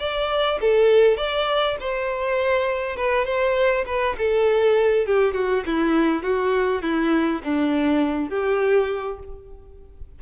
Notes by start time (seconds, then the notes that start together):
0.00 D5
0.62 A4
1.18 D5
1.81 C5
2.97 B4
3.26 C5
3.87 B4
4.19 A4
5.07 G4
5.35 F#4
5.67 E4
6.23 F#4
6.83 E4
7.44 D4
8.30 G4